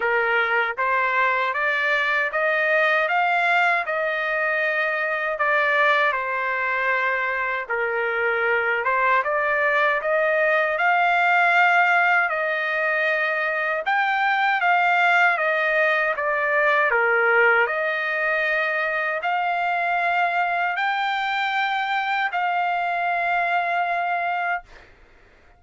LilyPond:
\new Staff \with { instrumentName = "trumpet" } { \time 4/4 \tempo 4 = 78 ais'4 c''4 d''4 dis''4 | f''4 dis''2 d''4 | c''2 ais'4. c''8 | d''4 dis''4 f''2 |
dis''2 g''4 f''4 | dis''4 d''4 ais'4 dis''4~ | dis''4 f''2 g''4~ | g''4 f''2. | }